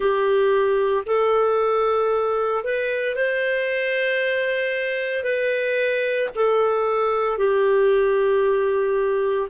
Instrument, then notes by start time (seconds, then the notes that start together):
clarinet
0.00 G4
1.06 A4
2.64 B4
3.15 C5
5.23 B4
6.35 A4
7.37 G4